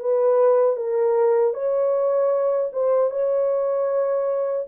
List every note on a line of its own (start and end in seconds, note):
0.00 0.76 B4
0.76 1.54 A#4
1.54 2.71 C#5
2.73 3.11 C5
3.11 4.66 C#5